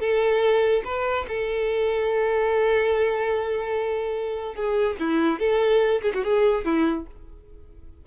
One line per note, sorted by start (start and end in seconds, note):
0.00 0.83 A4
0.85 1.26 B4
1.28 4.55 A4
4.55 4.97 G#4
5.00 5.39 E4
5.39 6.02 A4
6.02 6.12 G#4
6.14 6.24 F#4
6.24 6.65 G#4
6.65 7.06 E4